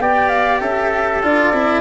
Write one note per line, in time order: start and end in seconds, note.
0.00 0.61 B3
0.00 1.24 G4
0.00 0.61 D5
0.00 0.29 G5
0.29 0.59 F5
0.61 1.23 C#4
0.61 1.81 A4
0.61 1.22 E5
1.23 1.53 D4
1.23 1.54 F4
1.23 1.81 D5
1.53 1.81 C4
1.53 1.81 E4